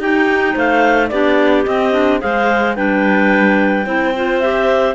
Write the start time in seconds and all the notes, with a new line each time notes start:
0.00 D#4 G4 G5
0.53 A3 C5 F5
1.09 B3 D4 G4 D5
1.66 C4 D#5
1.93 D4
2.20 G#3 G#4 C5 F5
2.76 G3 D4 B4 G5
3.86 C4 E4 C5
4.16 F4
4.40 G4 E5